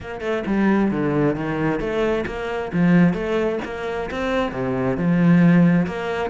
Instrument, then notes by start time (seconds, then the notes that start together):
cello
0.00 A#3
0.20 A3
0.46 G3
0.91 D3
1.35 D#3
1.79 A3
2.26 A#3
2.73 F3
3.13 A3
3.64 A#3
4.10 C4
4.52 C3
4.97 F3
5.86 A#3